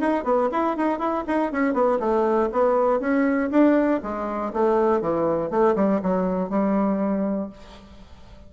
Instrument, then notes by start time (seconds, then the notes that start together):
bassoon
0.00 D#4
0.24 B3
0.52 E4
0.77 D#4
0.99 E4
1.27 D#4
1.52 C#4
1.74 B3
2.00 A3
2.52 B3
3.00 C#4
3.51 D4
4.03 G#3
4.53 A3
5.01 E3
5.50 A3
5.76 G3
6.02 F#3
6.50 G3